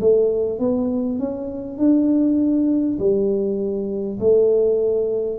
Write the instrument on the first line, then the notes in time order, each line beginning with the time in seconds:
tuba
0.00 A3
0.59 B3
1.19 C#4
1.78 D4
2.99 G3
4.20 A3